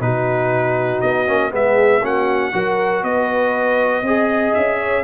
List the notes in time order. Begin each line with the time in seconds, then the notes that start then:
0.00 B2 D#4 F#4 B4
1.01 B3 D#5
1.26 A#3 C#4
1.50 G#3 B3 G#4 E5
2.01 A#3 C#4 F#4 F#5
2.52 F#3 F#4 A#4
3.03 B3 B4 D#5
4.02 C4 G#4 D#5
4.54 C#4 E5
4.78 C#5